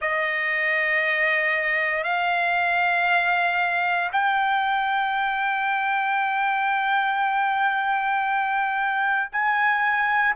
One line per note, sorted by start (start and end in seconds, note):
0.00 2.03 D#5
2.03 4.10 F5
4.12 9.29 G5
9.32 10.35 G#5